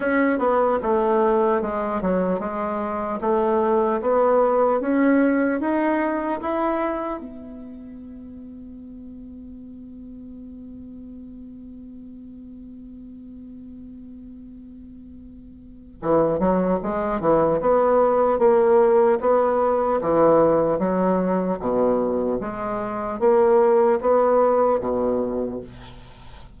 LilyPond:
\new Staff \with { instrumentName = "bassoon" } { \time 4/4 \tempo 4 = 75 cis'8 b8 a4 gis8 fis8 gis4 | a4 b4 cis'4 dis'4 | e'4 b2.~ | b1~ |
b1 | e8 fis8 gis8 e8 b4 ais4 | b4 e4 fis4 b,4 | gis4 ais4 b4 b,4 | }